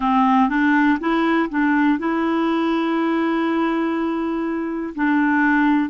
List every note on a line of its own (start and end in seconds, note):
0.00 0.49 C4
0.49 0.98 D4
1.00 1.49 E4
1.49 1.99 D4
1.99 4.94 E4
4.94 5.89 D4